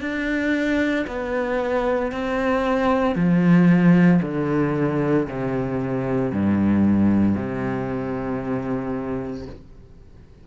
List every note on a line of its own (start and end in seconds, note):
0.00 1.05 D4
1.07 2.11 B3
2.11 3.15 C4
3.15 4.20 F3
4.22 5.27 D3
5.27 6.32 C3
6.32 7.35 G2
7.35 9.45 C3